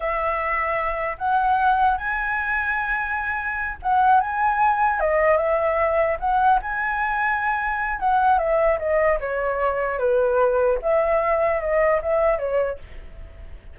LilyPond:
\new Staff \with { instrumentName = "flute" } { \time 4/4 \tempo 4 = 150 e''2. fis''4~ | fis''4 gis''2.~ | gis''4. fis''4 gis''4.~ | gis''8 dis''4 e''2 fis''8~ |
fis''8 gis''2.~ gis''8 | fis''4 e''4 dis''4 cis''4~ | cis''4 b'2 e''4~ | e''4 dis''4 e''4 cis''4 | }